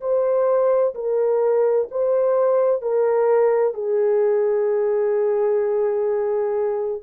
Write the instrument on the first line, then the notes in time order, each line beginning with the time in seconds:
horn
0.00 C5
0.94 A#4
1.90 C5
2.81 A#4
3.73 G#4